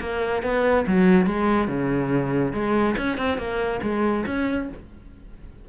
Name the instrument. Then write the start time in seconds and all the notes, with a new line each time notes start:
cello
0.00 A#3
0.43 B3
0.87 F#3
1.26 G#3
1.68 C#3
2.53 G#3
2.97 C#4
3.17 C4
3.38 A#3
3.83 G#3
4.26 C#4